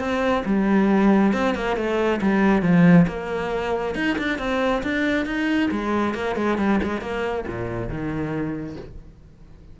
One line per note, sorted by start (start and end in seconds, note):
0.00 0.44 C4
0.46 1.33 G3
1.33 1.55 C4
1.55 1.77 A#3
1.77 2.21 A3
2.22 2.63 G3
2.63 3.07 F3
3.08 3.96 A#3
3.96 4.17 D#4
4.18 4.39 D4
4.39 4.83 C4
4.83 5.26 D4
5.26 5.70 D#4
5.72 6.15 G#3
6.15 6.36 A#3
6.36 6.58 G#3
6.58 6.80 G3
6.83 7.02 G#3
7.02 7.45 A#3
7.48 7.89 A#2
7.89 8.77 D#3